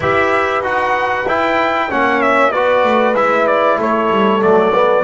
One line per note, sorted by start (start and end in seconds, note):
0.00 0.61 E4
0.00 0.62 G4
0.00 1.88 B4
0.00 0.65 E5
0.61 1.24 D#4
0.61 1.26 F#4
0.61 1.28 F#5
1.26 1.89 E4
1.26 1.91 G5
1.88 2.55 A#3
1.88 2.52 C#4
1.88 2.51 C#5
1.88 2.21 F#5
2.21 2.51 E5
2.51 2.83 B3
2.51 3.15 F#4
2.51 3.77 B4
2.51 3.14 D5
2.83 3.13 A3
3.13 3.77 G#3
3.13 4.40 E4
3.13 3.47 E5
3.47 3.78 D5
3.77 4.09 A3
3.77 5.04 A4
3.77 4.42 C#5
4.10 4.41 G3
4.40 5.04 F#3
4.40 4.71 A3
4.40 5.04 D5
4.74 5.04 B3